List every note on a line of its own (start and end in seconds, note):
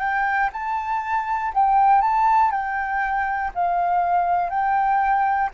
0.00 0.50 G5
0.53 1.53 A5
1.55 2.02 G5
2.02 2.51 A5
2.51 3.51 G5
3.55 4.50 F5
4.50 5.50 G5